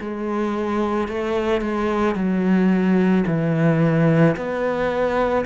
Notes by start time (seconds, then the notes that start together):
0.00 G#3
1.08 A3
1.61 G#3
2.15 F#3
3.26 E3
4.36 B3